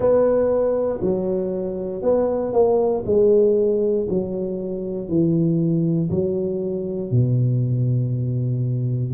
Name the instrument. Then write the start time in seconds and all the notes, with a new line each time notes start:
tuba
0.00 B3
1.01 F#3
2.02 B3
2.52 A#3
3.05 G#3
4.09 F#3
5.08 E3
6.10 F#3
7.11 B2